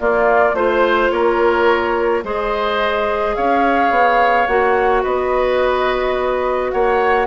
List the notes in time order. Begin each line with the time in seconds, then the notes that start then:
0.00 A#3 F4 D5
0.54 A3 F4 C5
1.11 A#3 A#4 C#5
2.24 G#3 G#4 C5 D#5
3.36 C#4 C#5 F5
3.91 B3
4.47 A#3 F#4 F#5
5.03 B3 B4 D#5
6.72 A#3 C#5 F#5